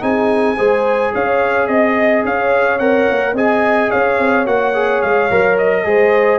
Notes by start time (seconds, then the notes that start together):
0.00 C4 D#4 G#4 G#5
0.57 G#3 G#4 C5
1.14 C#4 C#5 F5
1.67 C4 D#5
2.25 C#4 C#5 F5
2.79 C4 A#4 F#5
3.10 A#3
3.33 C4 G#4 D#5 G#5
3.90 C#4 C#5 F5
4.19 C4
4.45 A#3 F#4 F#5
4.74 G#4
5.02 G#3 F5
5.31 F#3 A#4
5.58 D#5
5.84 G#3 G#4 C5